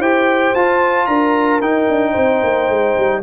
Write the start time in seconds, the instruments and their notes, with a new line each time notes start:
0.00 tuba E4, trombone G4, horn C5, trumpet G5
0.55 tuba F4, trombone F4, trumpet A5
1.07 tuba D4, horn A#4, trumpet A#5
1.61 tuba D#4, trombone D#4, trumpet G5
1.89 tuba D4
2.12 tuba C4, horn C5
2.44 tuba A#3
2.69 tuba G#3
2.98 tuba G3